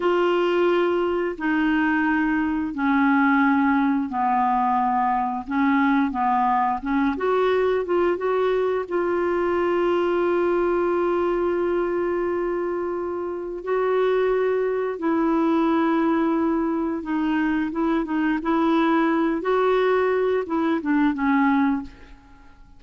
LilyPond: \new Staff \with { instrumentName = "clarinet" } { \time 4/4 \tempo 4 = 88 f'2 dis'2 | cis'2 b2 | cis'4 b4 cis'8 fis'4 f'8 | fis'4 f'2.~ |
f'1 | fis'2 e'2~ | e'4 dis'4 e'8 dis'8 e'4~ | e'8 fis'4. e'8 d'8 cis'4 | }